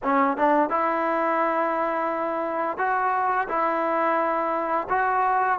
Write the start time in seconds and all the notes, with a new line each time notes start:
0.03 C#4
0.37 D4
0.69 E4
2.77 F#4
3.48 E4
4.89 F#4